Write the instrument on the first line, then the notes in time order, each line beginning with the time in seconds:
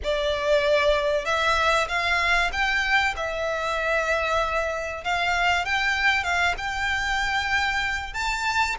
violin
0.03 D5
1.25 E5
1.88 F5
2.52 G5
3.16 E5
5.04 F5
5.65 G5
6.23 F5
6.57 G5
8.13 A5